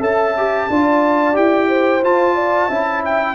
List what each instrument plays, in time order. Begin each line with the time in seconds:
0.00 tuba C#4, trombone A4, horn E5, trumpet A5
0.37 trombone G4
0.69 tuba D4, trombone F4, horn D5
1.33 tuba E4, trombone G4, trumpet G5
1.68 horn C5
2.02 tuba F4, trombone F4, trumpet A5
2.34 horn D5
2.67 tuba C#4, trombone E4, horn E5
3.04 trumpet G5